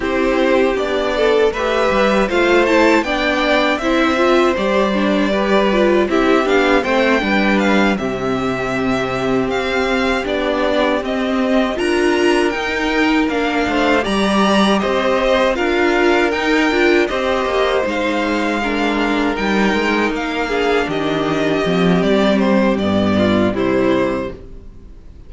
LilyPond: <<
  \new Staff \with { instrumentName = "violin" } { \time 4/4 \tempo 4 = 79 c''4 d''4 e''4 f''8 a''8 | g''4 e''4 d''2 | e''8 f''8 g''4 f''8 e''4.~ | e''8 f''4 d''4 dis''4 ais''8~ |
ais''8 g''4 f''4 ais''4 dis''8~ | dis''8 f''4 g''4 dis''4 f''8~ | f''4. g''4 f''4 dis''8~ | dis''4 d''8 c''8 d''4 c''4 | }
  \new Staff \with { instrumentName = "violin" } { \time 4/4 g'4. a'8 b'4 c''4 | d''4 c''2 b'4 | g'4 c''8 b'4 g'4.~ | g'2.~ g'8 ais'8~ |
ais'2 c''8 d''4 c''8~ | c''8 ais'2 c''4.~ | c''8 ais'2~ ais'8 gis'8 g'8~ | g'2~ g'8 f'8 e'4 | }
  \new Staff \with { instrumentName = "viola" } { \time 4/4 e'4 d'4 g'4 f'8 e'8 | d'4 e'8 f'8 g'8 d'8 g'8 f'8 | e'8 d'8 c'8 d'4 c'4.~ | c'4. d'4 c'4 f'8~ |
f'8 dis'4 d'4 g'4.~ | g'8 f'4 dis'8 f'8 g'4 dis'8~ | dis'8 d'4 dis'4. d'4~ | d'8 c'4. b4 g4 | }
  \new Staff \with { instrumentName = "cello" } { \time 4/4 c'4 b4 a8 g8 a4 | b4 c'4 g2 | c'8 b8 a8 g4 c4.~ | c8 c'4 b4 c'4 d'8~ |
d'8 dis'4 ais8 a8 g4 c'8~ | c'8 d'4 dis'8 d'8 c'8 ais8 gis8~ | gis4. g8 gis8 ais4 dis8~ | dis8 f8 g4 g,4 c4 | }
>>